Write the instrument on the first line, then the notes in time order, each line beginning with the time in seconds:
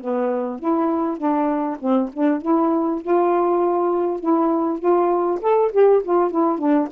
saxophone
0.00 B3
0.59 E4
1.17 D4
1.79 C4
2.13 D4
2.41 E4
3.01 F4
4.20 E4
4.79 F4
5.41 A4
5.72 G4
6.03 F4
6.31 E4
6.58 D4